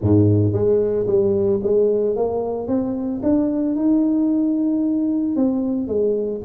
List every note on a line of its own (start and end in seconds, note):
0.01 0.52 G#2
0.52 1.06 G#3
1.06 1.60 G3
1.63 2.16 G#3
2.16 2.67 A#3
2.67 3.21 C4
3.23 3.75 D4
3.75 5.36 D#4
5.36 5.87 C4
5.87 6.41 G#3